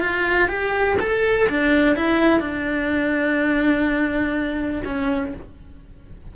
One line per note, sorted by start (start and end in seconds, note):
0.00 0.48 F4
0.48 0.97 G4
1.00 1.48 A4
1.49 1.96 D4
1.96 2.40 E4
2.40 4.82 D4
4.85 5.33 C#4